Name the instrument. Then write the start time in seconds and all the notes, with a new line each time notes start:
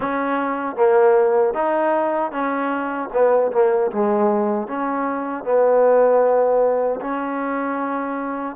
trombone
0.00 C#4
0.76 A#3
1.54 D#4
2.31 C#4
3.12 B3
3.52 A#3
3.91 G#3
4.67 C#4
5.44 B3
7.00 C#4